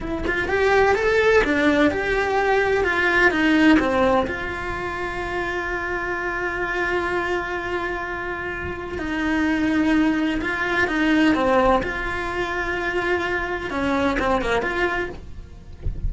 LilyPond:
\new Staff \with { instrumentName = "cello" } { \time 4/4 \tempo 4 = 127 e'8 f'8 g'4 a'4 d'4 | g'2 f'4 dis'4 | c'4 f'2.~ | f'1~ |
f'2. dis'4~ | dis'2 f'4 dis'4 | c'4 f'2.~ | f'4 cis'4 c'8 ais8 f'4 | }